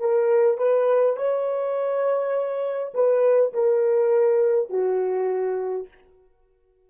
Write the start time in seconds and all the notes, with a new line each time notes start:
0.00 A#4
0.58 B4
1.17 C#5
2.94 B4
3.53 A#4
4.70 F#4